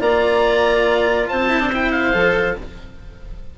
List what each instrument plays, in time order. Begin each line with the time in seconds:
0.00 bassoon A#3, cello F4, clarinet D5, oboe A#5
1.28 bassoon C4, clarinet C5, oboe A5
1.49 cello E4
1.60 cello D4
1.72 cello E4, oboe G5
1.91 oboe F5
2.13 bassoon F3, cello A4